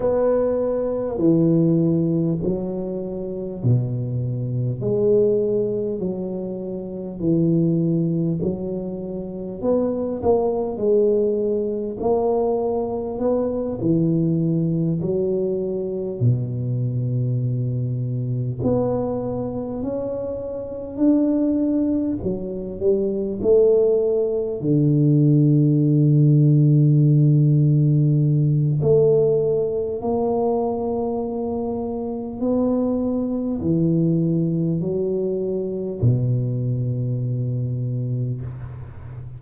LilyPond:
\new Staff \with { instrumentName = "tuba" } { \time 4/4 \tempo 4 = 50 b4 e4 fis4 b,4 | gis4 fis4 e4 fis4 | b8 ais8 gis4 ais4 b8 e8~ | e8 fis4 b,2 b8~ |
b8 cis'4 d'4 fis8 g8 a8~ | a8 d2.~ d8 | a4 ais2 b4 | e4 fis4 b,2 | }